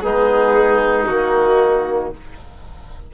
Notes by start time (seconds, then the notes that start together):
0.00 G#3 B3 D#4 G#4
1.06 D#3 A#3 F#4